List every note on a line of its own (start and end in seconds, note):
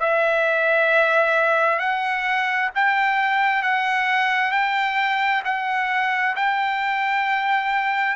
0.00 1.79 E5
1.79 2.70 F#5
2.75 3.62 G5
3.62 4.52 F#5
4.52 5.43 G5
5.45 6.36 F#5
6.36 8.16 G5